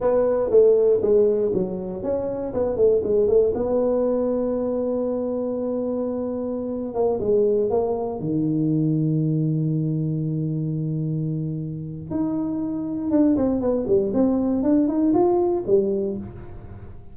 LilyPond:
\new Staff \with { instrumentName = "tuba" } { \time 4/4 \tempo 4 = 119 b4 a4 gis4 fis4 | cis'4 b8 a8 gis8 a8 b4~ | b1~ | b4.~ b16 ais8 gis4 ais8.~ |
ais16 dis2.~ dis8.~ | dis1 | dis'2 d'8 c'8 b8 g8 | c'4 d'8 dis'8 f'4 g4 | }